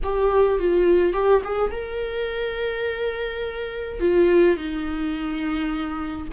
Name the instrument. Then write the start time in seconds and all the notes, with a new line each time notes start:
viola
0.03 G4
0.58 F4
1.13 G4
1.44 G#4
1.71 A#4
4.00 F4
4.56 D#4